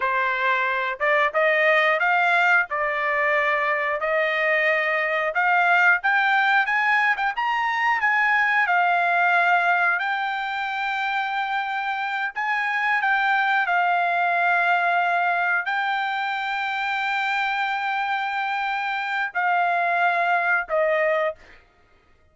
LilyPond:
\new Staff \with { instrumentName = "trumpet" } { \time 4/4 \tempo 4 = 90 c''4. d''8 dis''4 f''4 | d''2 dis''2 | f''4 g''4 gis''8. g''16 ais''4 | gis''4 f''2 g''4~ |
g''2~ g''8 gis''4 g''8~ | g''8 f''2. g''8~ | g''1~ | g''4 f''2 dis''4 | }